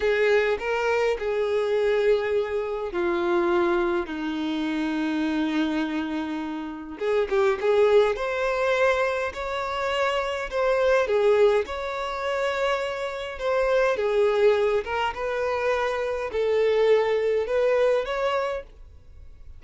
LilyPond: \new Staff \with { instrumentName = "violin" } { \time 4/4 \tempo 4 = 103 gis'4 ais'4 gis'2~ | gis'4 f'2 dis'4~ | dis'1 | gis'8 g'8 gis'4 c''2 |
cis''2 c''4 gis'4 | cis''2. c''4 | gis'4. ais'8 b'2 | a'2 b'4 cis''4 | }